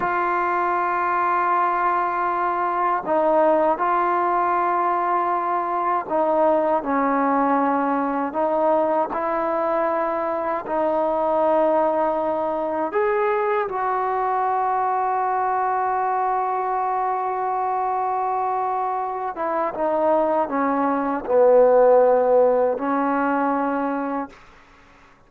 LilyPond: \new Staff \with { instrumentName = "trombone" } { \time 4/4 \tempo 4 = 79 f'1 | dis'4 f'2. | dis'4 cis'2 dis'4 | e'2 dis'2~ |
dis'4 gis'4 fis'2~ | fis'1~ | fis'4. e'8 dis'4 cis'4 | b2 cis'2 | }